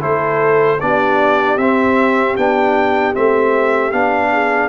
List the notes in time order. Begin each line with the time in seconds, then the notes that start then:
0.00 A3 E4 A4 C5
0.80 B3 D4 G4 D5
1.57 C4 E5
2.36 B3 D4 G5
3.13 A3 C4 E5
3.92 B3 D4 F5
4.32 G#4